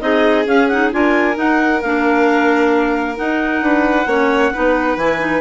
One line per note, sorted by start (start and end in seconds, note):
0.00 0.46 C4
0.00 0.45 D#4
0.00 0.94 G#4
0.00 0.46 D#5
0.46 0.91 C#4
0.46 0.68 C#4
0.46 0.68 F5
0.68 0.92 D#4
0.68 0.91 F#5
0.92 1.37 D4
0.92 1.34 F4
0.92 3.63 A#4
0.92 1.37 G#5
1.34 1.79 D#4
1.34 1.82 D#4
1.34 1.82 F#5
1.82 3.19 A#3
1.82 3.16 D4
1.82 3.17 F5
3.16 4.06 D#4
3.16 3.62 D#4
3.16 4.98 F#5
3.62 4.06 D4
3.62 4.08 B4
4.06 4.51 A#3
4.06 4.53 C#4
4.06 4.53 C#5
4.53 4.96 B3
4.53 4.98 D#4
4.53 5.41 B4
4.96 5.41 E3
4.96 5.19 E4
4.96 5.41 G#5
5.19 5.41 D#4